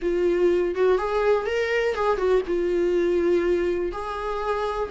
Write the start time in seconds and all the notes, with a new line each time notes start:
0.02 F4
0.75 F#4
0.98 G#4
1.46 A#4
1.94 G#4
2.17 F#4
2.47 F4
3.92 G#4